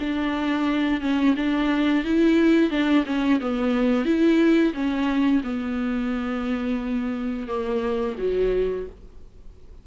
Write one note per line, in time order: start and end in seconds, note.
0.00 1.01 D4
1.01 1.35 C#4
1.36 2.04 D4
2.04 2.71 E4
2.71 3.05 D4
3.06 3.40 C#4
3.40 4.05 B3
4.05 4.73 E4
4.74 5.42 C#4
5.43 7.48 B3
7.48 8.16 A#3
8.18 8.86 F#3